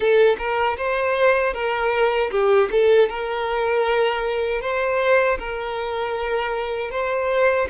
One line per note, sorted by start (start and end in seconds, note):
0.00 0.36 A4
0.38 0.77 A#4
0.77 1.53 C5
1.53 2.30 A#4
2.30 2.69 G4
2.71 3.09 A4
3.09 4.61 A#4
4.61 5.38 C5
5.38 6.91 A#4
6.91 7.67 C5